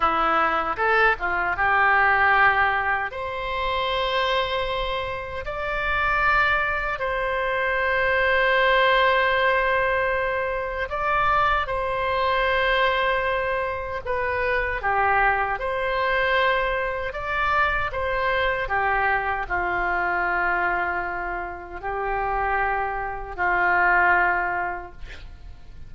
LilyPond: \new Staff \with { instrumentName = "oboe" } { \time 4/4 \tempo 4 = 77 e'4 a'8 f'8 g'2 | c''2. d''4~ | d''4 c''2.~ | c''2 d''4 c''4~ |
c''2 b'4 g'4 | c''2 d''4 c''4 | g'4 f'2. | g'2 f'2 | }